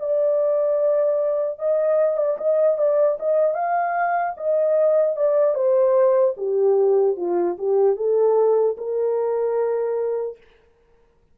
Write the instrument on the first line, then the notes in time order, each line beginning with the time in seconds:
horn
0.00 D5
1.59 D#5
2.17 D5
2.38 D#5
2.78 D5
3.20 D#5
3.55 F5
4.37 D#5
5.17 D5
5.55 C5
6.37 G4
7.17 F4
7.59 G4
7.96 A4
8.78 A#4